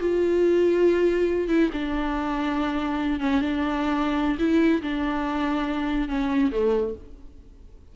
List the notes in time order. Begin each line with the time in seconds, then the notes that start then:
0.00 F4
1.49 E4
1.73 D4
3.20 C#4
3.41 D4
4.39 E4
4.82 D4
6.08 C#4
6.52 A3